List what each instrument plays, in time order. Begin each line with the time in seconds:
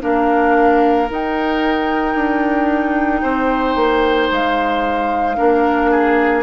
0.00 bassoon A#3, clarinet D4, oboe A#4, flute F5
1.09 clarinet D#4, bassoon D#4, flute G5
2.15 bassoon D4
3.22 bassoon C4, oboe C5
3.75 bassoon A#3
4.30 bassoon G#3, flute F5
5.36 bassoon A#3, clarinet D4, oboe A#4
5.90 oboe G#4